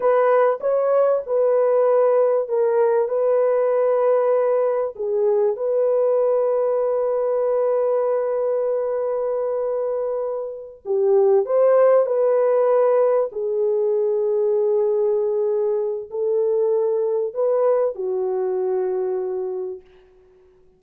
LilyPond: \new Staff \with { instrumentName = "horn" } { \time 4/4 \tempo 4 = 97 b'4 cis''4 b'2 | ais'4 b'2. | gis'4 b'2.~ | b'1~ |
b'4. g'4 c''4 b'8~ | b'4. gis'2~ gis'8~ | gis'2 a'2 | b'4 fis'2. | }